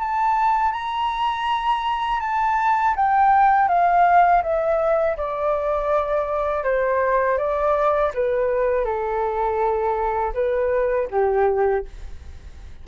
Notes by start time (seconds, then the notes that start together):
0.00 A5
0.72 A#5
2.21 A5
2.96 G5
3.68 F5
4.43 E5
5.18 D5
6.64 C5
7.38 D5
8.14 B4
8.86 A4
10.34 B4
11.11 G4